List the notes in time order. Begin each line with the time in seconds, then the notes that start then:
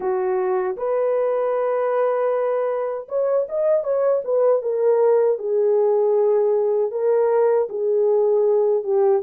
0.00 F#4
0.76 B4
3.08 C#5
3.48 D#5
3.83 C#5
4.24 B4
4.62 A#4
5.38 G#4
6.91 A#4
7.69 G#4
8.83 G4